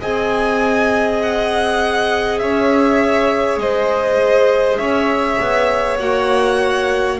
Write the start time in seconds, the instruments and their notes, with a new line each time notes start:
0.00 double bass C4, clarinet G#4, violin D#5 G#5
1.22 violin F#5
2.39 double bass C#4, violin C#5 E5
3.57 double bass G#3, violin C5 D#5
4.77 double bass C#4, violin C#5 E5
5.40 double bass B3
5.99 double bass A#3, clarinet F#4, violin F#5